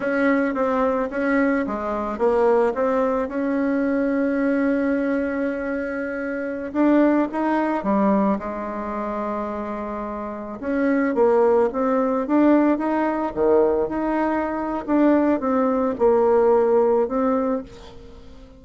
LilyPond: \new Staff \with { instrumentName = "bassoon" } { \time 4/4 \tempo 4 = 109 cis'4 c'4 cis'4 gis4 | ais4 c'4 cis'2~ | cis'1~ | cis'16 d'4 dis'4 g4 gis8.~ |
gis2.~ gis16 cis'8.~ | cis'16 ais4 c'4 d'4 dis'8.~ | dis'16 dis4 dis'4.~ dis'16 d'4 | c'4 ais2 c'4 | }